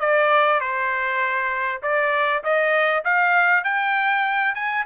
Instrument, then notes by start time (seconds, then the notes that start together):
trumpet
0.00 D5
0.61 C5
1.83 D5
2.44 D#5
3.05 F5
3.64 G5
4.55 G#5